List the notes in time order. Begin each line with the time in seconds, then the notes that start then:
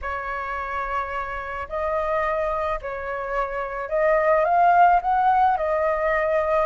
0.01 C#5
1.68 D#5
2.81 C#5
3.89 D#5
4.44 F5
5.01 F#5
5.57 D#5